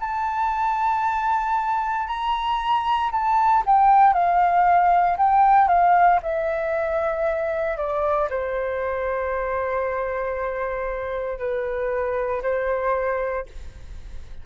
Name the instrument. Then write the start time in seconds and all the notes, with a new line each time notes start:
flute
0.00 A5
2.07 A#5
3.12 A5
3.66 G5
4.13 F5
5.17 G5
5.68 F5
6.23 E5
7.77 D5
8.30 C5
11.39 B4
12.43 C5